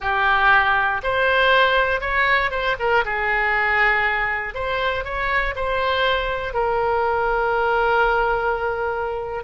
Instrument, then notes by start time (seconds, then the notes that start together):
oboe
0.00 G4
1.03 C5
2.00 C#5
2.50 C5
2.79 A#4
3.04 G#4
4.54 C5
5.04 C#5
5.55 C5
6.53 A#4